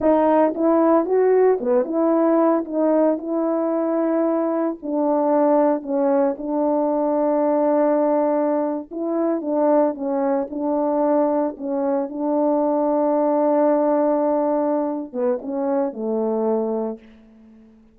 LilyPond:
\new Staff \with { instrumentName = "horn" } { \time 4/4 \tempo 4 = 113 dis'4 e'4 fis'4 b8 e'8~ | e'4 dis'4 e'2~ | e'4 d'2 cis'4 | d'1~ |
d'8. e'4 d'4 cis'4 d'16~ | d'4.~ d'16 cis'4 d'4~ d'16~ | d'1~ | d'8 b8 cis'4 a2 | }